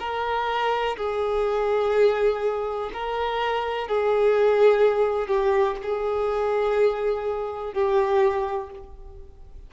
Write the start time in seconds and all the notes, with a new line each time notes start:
0.00 A#4
0.97 G#4
2.93 A#4
3.88 G#4
5.28 G4
5.83 G#4
7.74 G4